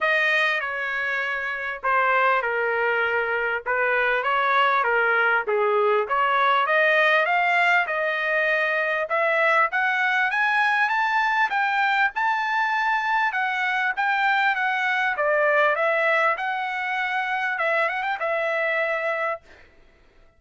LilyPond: \new Staff \with { instrumentName = "trumpet" } { \time 4/4 \tempo 4 = 99 dis''4 cis''2 c''4 | ais'2 b'4 cis''4 | ais'4 gis'4 cis''4 dis''4 | f''4 dis''2 e''4 |
fis''4 gis''4 a''4 g''4 | a''2 fis''4 g''4 | fis''4 d''4 e''4 fis''4~ | fis''4 e''8 fis''16 g''16 e''2 | }